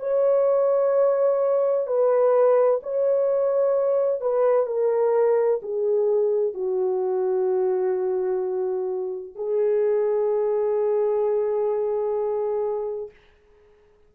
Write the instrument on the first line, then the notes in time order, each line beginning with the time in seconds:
horn
0.00 C#5
1.87 B4
2.83 C#5
4.21 B4
4.67 A#4
5.63 G#4
6.55 F#4
9.36 G#4